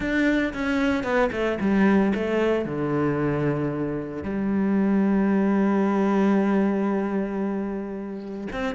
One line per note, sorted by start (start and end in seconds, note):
0.00 0.53 D4
0.53 1.03 C#4
1.03 1.30 B3
1.31 1.58 A3
1.60 2.13 G3
2.14 2.65 A3
2.65 4.23 D3
4.23 8.47 G3
8.52 8.75 C4